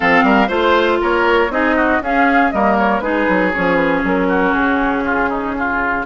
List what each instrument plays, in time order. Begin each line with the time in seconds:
0.00 bassoon F3, clarinet C4, oboe A4, flute F5
0.23 bassoon G3, oboe A#4
0.47 bassoon A3, clarinet F4, oboe C5, flute C5
1.01 bassoon A#3, oboe A#4, flute C#5
1.49 bassoon C4, clarinet D#4, oboe G#4, flute D#5
1.76 oboe F#4
2.00 bassoon C#4, clarinet C#4, oboe G#4, flute F5
2.51 bassoon G3, clarinet A#3, oboe A#4, flute D#5
2.78 flute C#5
3.00 bassoon G#3, clarinet D#4, oboe G#4, flute B4
3.28 bassoon F#3
3.53 bassoon F3, clarinet C#4, flute C#5
3.75 flute B4
4.03 bassoon F#3, flute A#4
4.27 oboe F#4
4.53 bassoon C#3, flute G#4
5.05 oboe F4
5.29 oboe D#4
5.58 oboe F4